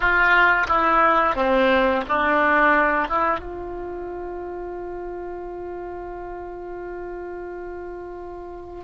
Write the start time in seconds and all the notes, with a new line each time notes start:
0.00 F4
0.67 E4
1.35 C4
2.08 D4
3.08 E4
3.39 F4